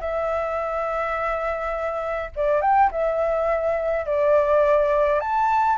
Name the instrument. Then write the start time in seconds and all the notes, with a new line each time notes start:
flute
0.00 E5
2.36 D5
2.61 G5
2.91 E5
4.06 D5
5.20 A5